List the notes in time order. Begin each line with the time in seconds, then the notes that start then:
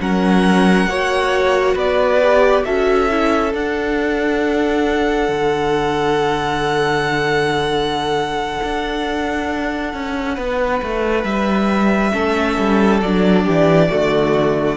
0.00 F#3 C#4 A#4 F#5
0.87 A#3 F#4 C#5
1.75 B3 B4 D5
2.22 G4
2.65 C#4 F#4 A4 E5
3.10 E4
3.53 D4 F#5
5.29 D3
8.63 D4
9.94 C#4
10.36 B3 B4
10.83 A3
11.24 G3 E5
12.12 A3 C#4 A4
12.58 G3
13.02 F#3 D4 D5
13.44 E3 G4
13.90 D3 A3 F#4